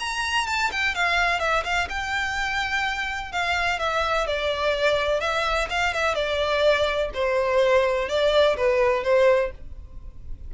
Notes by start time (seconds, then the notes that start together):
0.00 A#5
0.47 A5
0.72 G5
0.95 F5
1.40 E5
1.64 F5
1.89 G5
3.32 F5
3.80 E5
4.27 D5
5.21 E5
5.70 F5
5.94 E5
6.15 D5
7.14 C5
8.09 D5
8.57 B4
9.04 C5